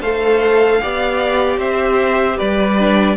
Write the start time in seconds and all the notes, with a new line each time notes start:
0.00 A3 A4 C5 F5
0.81 B3 G4 D5
1.57 C4 C5 E5
2.37 G3 B4 D5
2.79 D4